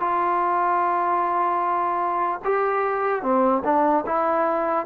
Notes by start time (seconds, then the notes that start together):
0.00 F4
2.44 G4
3.22 C4
3.64 D4
4.06 E4